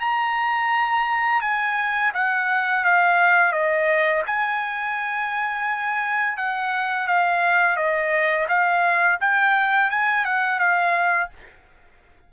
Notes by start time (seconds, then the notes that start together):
0.00 A#5
1.41 G#5
2.14 F#5
2.84 F5
3.52 D#5
4.26 G#5
6.37 F#5
7.07 F5
7.76 D#5
8.48 F5
9.20 G5
9.90 G#5
10.24 F#5
10.59 F5